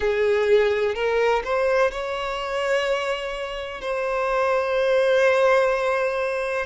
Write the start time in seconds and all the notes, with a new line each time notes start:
0.00 G#4
0.94 A#4
1.43 C5
1.91 C#5
3.81 C5